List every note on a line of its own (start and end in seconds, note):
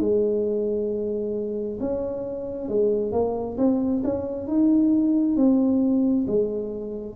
0.00 1.79 G#3
1.80 2.69 C#4
2.69 3.12 G#3
3.12 3.57 A#3
3.58 4.03 C4
4.04 4.47 C#4
4.47 5.36 D#4
5.36 6.26 C4
6.27 7.16 G#3